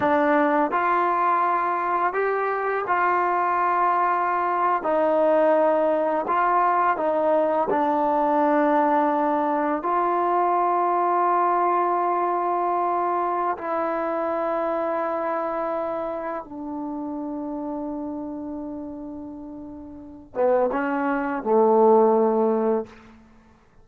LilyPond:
\new Staff \with { instrumentName = "trombone" } { \time 4/4 \tempo 4 = 84 d'4 f'2 g'4 | f'2~ f'8. dis'4~ dis'16~ | dis'8. f'4 dis'4 d'4~ d'16~ | d'4.~ d'16 f'2~ f'16~ |
f'2. e'4~ | e'2. d'4~ | d'1~ | d'8 b8 cis'4 a2 | }